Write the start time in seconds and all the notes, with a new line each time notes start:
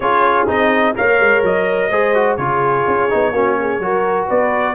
0.00 C#4 F4 G#4 C#5
0.47 C4 D#4 D#5
0.95 A#3 A#4 C#5 F5
1.20 G#3
1.43 F#3 D#5
1.90 G#3 G#4 C5
2.14 F#4
2.36 C#3 F4 G#4 C#5
2.87 C#4
3.09 B3 D#4
3.31 A#3 C#4 F#4
3.60 G#4
3.79 F#3 F#4 A#4
4.26 B3 B4 D5